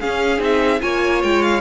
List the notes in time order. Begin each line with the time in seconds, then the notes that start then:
0.00 C#4 G#4 F5
0.38 C4 D#4 E5
0.80 A#3 F4 C#5 G#5
1.22 G#3 G5
1.42 F5